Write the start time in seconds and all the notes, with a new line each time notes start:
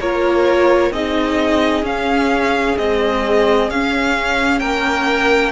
0.00 A#3 F4 A#4 C#5
0.91 C4 D#4 G#4 D#5
1.82 C#4 F5
2.77 G#3 C4 D#5
3.70 C#4 F5
4.59 A#3 A#4 G5